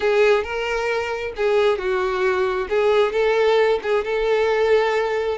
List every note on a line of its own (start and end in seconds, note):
0.00 0.43 G#4
0.43 1.33 A#4
1.36 1.78 G#4
1.78 2.67 F#4
2.69 3.12 G#4
3.12 3.79 A4
3.82 4.04 G#4
4.04 5.38 A4